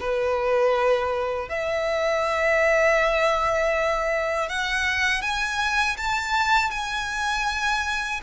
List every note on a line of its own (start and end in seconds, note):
0.00 1.49 B4
1.49 4.49 E5
4.49 5.22 F#5
5.22 5.97 G#5
5.97 6.71 A5
6.71 8.21 G#5